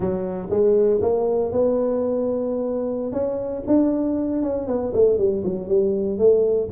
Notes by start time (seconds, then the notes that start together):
0.00 F#3
0.50 G#3
1.01 A#3
1.52 B3
3.12 C#4
3.66 D4
4.42 C#4
4.67 B3
4.93 A3
5.17 G3
5.43 F#3
5.68 G3
6.18 A3